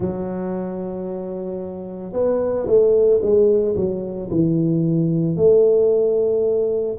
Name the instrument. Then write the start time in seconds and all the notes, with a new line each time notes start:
tuba
0.00 F#3
2.12 B3
2.66 A3
3.21 G#3
3.75 F#3
4.30 E3
5.36 A3